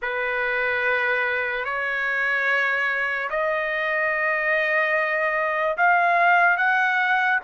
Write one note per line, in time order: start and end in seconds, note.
0.01 1.64 B4
1.64 3.29 C#5
3.30 5.76 D#5
5.77 6.57 F5
6.57 7.39 F#5